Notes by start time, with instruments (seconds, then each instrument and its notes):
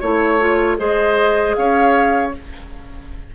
0.00 bassoon A3, clarinet E4, oboe C#5, flute C#5
0.40 clarinet F4
0.78 bassoon G#3, clarinet G#4, oboe C5, flute D#5
1.54 bassoon C#4, oboe C#5, flute F5